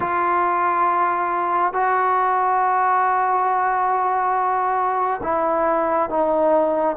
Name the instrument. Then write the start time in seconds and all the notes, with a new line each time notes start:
trombone
0.00 F4
1.73 F#4
5.23 E4
6.09 D#4